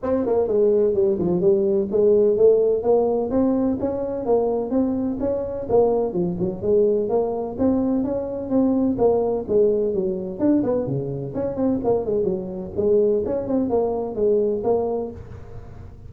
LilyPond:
\new Staff \with { instrumentName = "tuba" } { \time 4/4 \tempo 4 = 127 c'8 ais8 gis4 g8 f8 g4 | gis4 a4 ais4 c'4 | cis'4 ais4 c'4 cis'4 | ais4 f8 fis8 gis4 ais4 |
c'4 cis'4 c'4 ais4 | gis4 fis4 d'8 b8 cis4 | cis'8 c'8 ais8 gis8 fis4 gis4 | cis'8 c'8 ais4 gis4 ais4 | }